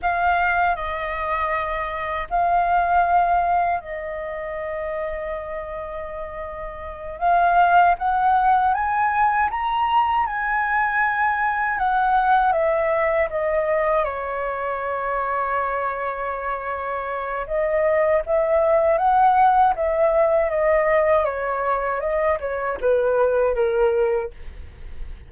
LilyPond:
\new Staff \with { instrumentName = "flute" } { \time 4/4 \tempo 4 = 79 f''4 dis''2 f''4~ | f''4 dis''2.~ | dis''4. f''4 fis''4 gis''8~ | gis''8 ais''4 gis''2 fis''8~ |
fis''8 e''4 dis''4 cis''4.~ | cis''2. dis''4 | e''4 fis''4 e''4 dis''4 | cis''4 dis''8 cis''8 b'4 ais'4 | }